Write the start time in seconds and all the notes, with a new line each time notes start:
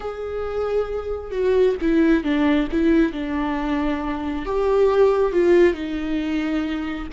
0.00 G#4
1.31 F#4
1.81 E4
2.23 D4
2.71 E4
3.12 D4
4.45 G4
5.32 F4
5.74 D#4